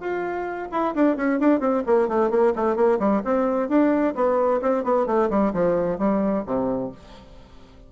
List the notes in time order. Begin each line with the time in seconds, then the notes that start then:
0.00 F4
0.71 E4
0.95 D4
1.16 C#4
1.39 D4
1.60 C4
1.86 A#3
2.08 A3
2.30 A#3
2.55 A3
2.76 A#3
2.99 G3
3.24 C4
3.69 D4
4.15 B3
4.62 C4
4.84 B3
5.07 A3
5.30 G3
5.53 F3
5.98 G3
6.46 C3